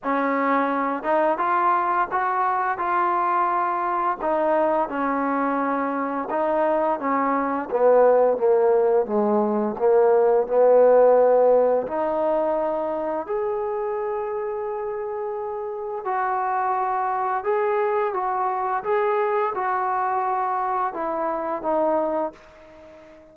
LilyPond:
\new Staff \with { instrumentName = "trombone" } { \time 4/4 \tempo 4 = 86 cis'4. dis'8 f'4 fis'4 | f'2 dis'4 cis'4~ | cis'4 dis'4 cis'4 b4 | ais4 gis4 ais4 b4~ |
b4 dis'2 gis'4~ | gis'2. fis'4~ | fis'4 gis'4 fis'4 gis'4 | fis'2 e'4 dis'4 | }